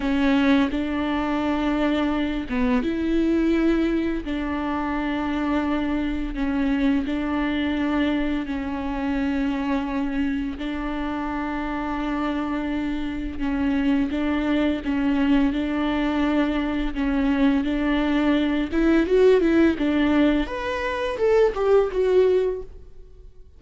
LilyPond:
\new Staff \with { instrumentName = "viola" } { \time 4/4 \tempo 4 = 85 cis'4 d'2~ d'8 b8 | e'2 d'2~ | d'4 cis'4 d'2 | cis'2. d'4~ |
d'2. cis'4 | d'4 cis'4 d'2 | cis'4 d'4. e'8 fis'8 e'8 | d'4 b'4 a'8 g'8 fis'4 | }